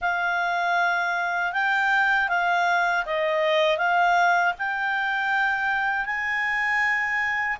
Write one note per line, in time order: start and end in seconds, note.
0.01 1.53 F5
1.53 2.29 G5
2.29 3.04 F5
3.05 3.77 D#5
3.77 4.53 F5
4.58 6.05 G5
6.05 7.57 G#5